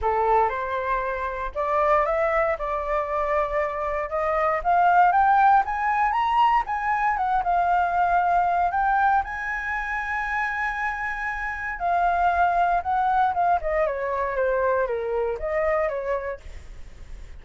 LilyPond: \new Staff \with { instrumentName = "flute" } { \time 4/4 \tempo 4 = 117 a'4 c''2 d''4 | e''4 d''2. | dis''4 f''4 g''4 gis''4 | ais''4 gis''4 fis''8 f''4.~ |
f''4 g''4 gis''2~ | gis''2. f''4~ | f''4 fis''4 f''8 dis''8 cis''4 | c''4 ais'4 dis''4 cis''4 | }